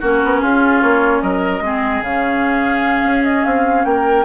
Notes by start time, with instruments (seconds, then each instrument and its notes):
0.00 bassoon A#3, clarinet C#4, oboe F#4, flute A#4
0.23 bassoon B3
0.41 bassoon C#4, oboe F4, flute G#4
0.81 bassoon A#3, flute C#5
1.21 bassoon F#3, oboe A#4, flute D#5
1.60 bassoon G#3, clarinet C4, oboe G#4
2.02 bassoon C#3, clarinet C#4, flute F5
3.03 bassoon C#4
3.24 flute D#5
3.44 bassoon C4, flute F5
3.85 bassoon A#3, oboe A#4, flute G5